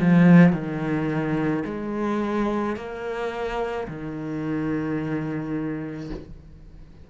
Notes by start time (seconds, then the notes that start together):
0.00 F3
0.53 D#3
1.65 G#3
2.76 A#3
3.87 D#3